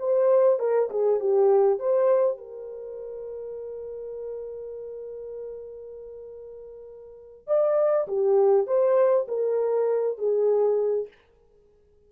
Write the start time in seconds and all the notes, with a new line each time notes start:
0.00 C5
0.59 A#4
0.91 G#4
1.21 G4
1.80 C5
2.38 A#4
7.48 D5
8.08 G4
8.67 C5
9.29 A#4
10.19 G#4